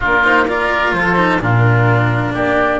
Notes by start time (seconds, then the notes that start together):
0.00 A#3 D4 F4 A#4
0.23 D#4 C5
0.48 F4 A#4 D5
0.93 F3 A4 C5
1.16 D#4
1.39 A#2 D4 F4 A#4
2.33 A#3 G4 D5